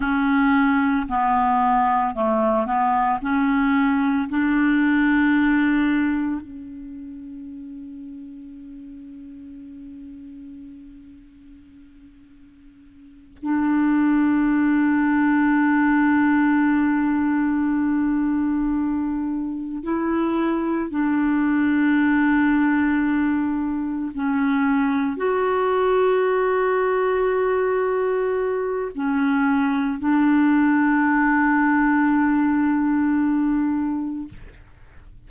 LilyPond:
\new Staff \with { instrumentName = "clarinet" } { \time 4/4 \tempo 4 = 56 cis'4 b4 a8 b8 cis'4 | d'2 cis'2~ | cis'1~ | cis'8 d'2.~ d'8~ |
d'2~ d'8 e'4 d'8~ | d'2~ d'8 cis'4 fis'8~ | fis'2. cis'4 | d'1 | }